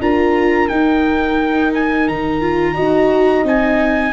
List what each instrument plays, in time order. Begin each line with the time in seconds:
0.00 tuba D4, viola F4, horn A#4, trumpet A#5
0.68 viola D#4, tuba D#4, trumpet G5
1.74 trumpet G#5
2.08 tuba D#3, trumpet A#5
2.41 viola F4
2.74 tuba D#4, viola F#4, horn D#5
3.44 tuba C4, viola D#4, trumpet G#5